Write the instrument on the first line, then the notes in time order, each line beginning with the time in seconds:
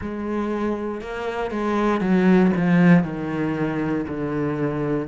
cello
0.01 G#3
1.01 A#3
1.50 G#3
2.01 F#3
2.56 F3
3.03 D#3
4.07 D3